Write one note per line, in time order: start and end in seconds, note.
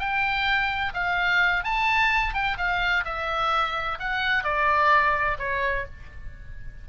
0.00 0.94 G5
0.94 1.64 F5
1.64 2.34 A5
2.34 2.58 G5
2.58 3.05 F5
3.05 3.99 E5
4.00 4.44 F#5
4.44 5.38 D5
5.39 5.86 C#5